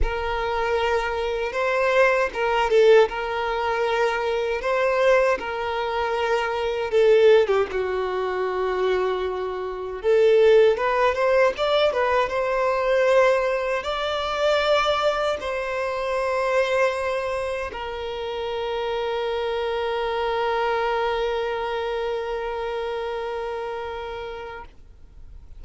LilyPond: \new Staff \with { instrumentName = "violin" } { \time 4/4 \tempo 4 = 78 ais'2 c''4 ais'8 a'8 | ais'2 c''4 ais'4~ | ais'4 a'8. g'16 fis'2~ | fis'4 a'4 b'8 c''8 d''8 b'8 |
c''2 d''2 | c''2. ais'4~ | ais'1~ | ais'1 | }